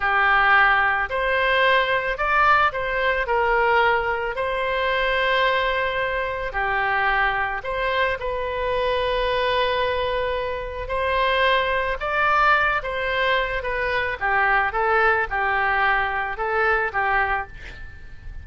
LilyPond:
\new Staff \with { instrumentName = "oboe" } { \time 4/4 \tempo 4 = 110 g'2 c''2 | d''4 c''4 ais'2 | c''1 | g'2 c''4 b'4~ |
b'1 | c''2 d''4. c''8~ | c''4 b'4 g'4 a'4 | g'2 a'4 g'4 | }